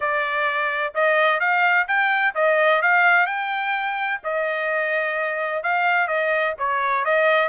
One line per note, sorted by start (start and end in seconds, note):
0.00 0.94 D5
0.94 1.39 D#5
1.39 1.86 F5
1.87 2.34 G5
2.35 2.81 D#5
2.81 3.26 F5
3.26 4.20 G5
4.23 5.63 D#5
5.63 6.07 F5
6.07 6.54 D#5
6.58 7.04 C#5
7.04 7.48 D#5